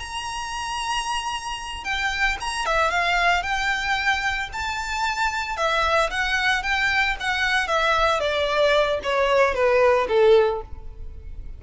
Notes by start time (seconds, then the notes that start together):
0.00 A#5
1.84 G5
2.41 A#5
2.66 E5
2.91 F5
3.43 G5
4.53 A5
5.57 E5
6.11 F#5
6.63 G5
7.21 F#5
7.68 E5
8.20 D5
9.04 C#5
9.55 B4
10.09 A4